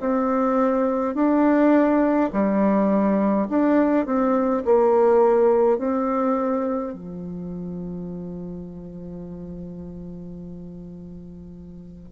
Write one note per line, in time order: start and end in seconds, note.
0.00 1.14 C4
1.14 2.30 D4
2.32 3.48 G3
3.49 4.05 D4
4.05 4.63 C4
4.65 5.78 A#3
5.78 6.93 C4
6.93 12.12 F3